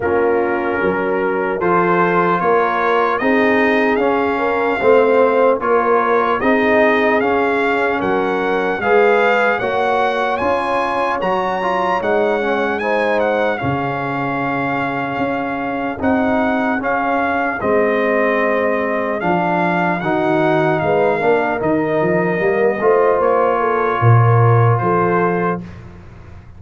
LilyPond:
<<
  \new Staff \with { instrumentName = "trumpet" } { \time 4/4 \tempo 4 = 75 ais'2 c''4 cis''4 | dis''4 f''2 cis''4 | dis''4 f''4 fis''4 f''4 | fis''4 gis''4 ais''4 fis''4 |
gis''8 fis''8 f''2. | fis''4 f''4 dis''2 | f''4 fis''4 f''4 dis''4~ | dis''4 cis''2 c''4 | }
  \new Staff \with { instrumentName = "horn" } { \time 4/4 f'4 ais'4 a'4 ais'4 | gis'4. ais'8 c''4 ais'4 | gis'2 ais'4 b'4 | cis''1 |
c''4 gis'2.~ | gis'1~ | gis'4 fis'4 b'8 ais'4.~ | ais'8 c''4 a'8 ais'4 a'4 | }
  \new Staff \with { instrumentName = "trombone" } { \time 4/4 cis'2 f'2 | dis'4 cis'4 c'4 f'4 | dis'4 cis'2 gis'4 | fis'4 f'4 fis'8 f'8 dis'8 cis'8 |
dis'4 cis'2. | dis'4 cis'4 c'2 | d'4 dis'4. d'8 dis'4 | ais8 f'2.~ f'8 | }
  \new Staff \with { instrumentName = "tuba" } { \time 4/4 ais4 fis4 f4 ais4 | c'4 cis'4 a4 ais4 | c'4 cis'4 fis4 gis4 | ais4 cis'4 fis4 gis4~ |
gis4 cis2 cis'4 | c'4 cis'4 gis2 | f4 dis4 gis8 ais8 dis8 f8 | g8 a8 ais4 ais,4 f4 | }
>>